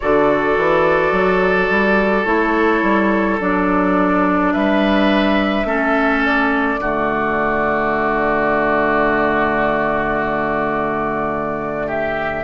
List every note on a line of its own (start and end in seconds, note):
0.00 0.57 D3
0.00 2.25 F#4
0.00 4.53 A4
0.00 2.25 D5
0.57 1.11 E3
1.11 1.68 F#3
1.70 2.25 G3
2.25 2.82 A3
2.25 3.38 E4
2.25 3.38 C#5
2.82 3.39 G3
3.39 4.54 F#3
3.39 5.65 D4
3.39 4.52 D5
4.52 5.64 G3
4.52 5.66 B4
4.52 6.22 E5
5.64 6.77 A3
5.64 6.79 C#4
5.64 6.79 A4
6.24 11.89 D5
6.79 12.43 D3
6.79 12.43 A3
6.79 11.86 F#4
11.86 12.43 G4
11.86 12.43 E5